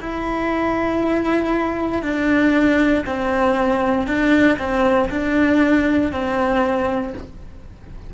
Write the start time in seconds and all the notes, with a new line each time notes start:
0.00 E4
2.02 D4
3.06 C4
4.07 D4
4.59 C4
5.10 D4
6.12 C4